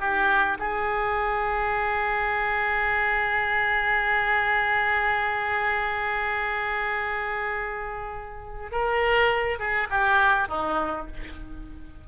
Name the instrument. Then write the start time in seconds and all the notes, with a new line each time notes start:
oboe
0.00 G4
0.59 G#4
8.72 A#4
9.59 G#4
9.90 G4
10.49 D#4